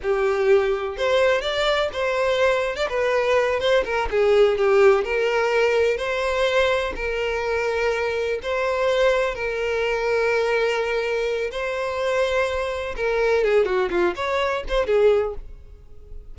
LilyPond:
\new Staff \with { instrumentName = "violin" } { \time 4/4 \tempo 4 = 125 g'2 c''4 d''4 | c''4.~ c''16 d''16 b'4. c''8 | ais'8 gis'4 g'4 ais'4.~ | ais'8 c''2 ais'4.~ |
ais'4. c''2 ais'8~ | ais'1 | c''2. ais'4 | gis'8 fis'8 f'8 cis''4 c''8 gis'4 | }